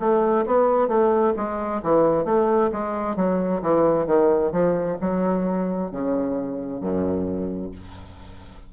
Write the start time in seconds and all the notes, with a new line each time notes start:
0.00 A3
0.47 B3
0.88 A3
1.37 G#3
1.83 E3
2.25 A3
2.72 G#3
3.17 F#3
3.62 E3
4.07 D#3
4.52 F3
5.01 F#3
5.92 C#3
6.81 F#2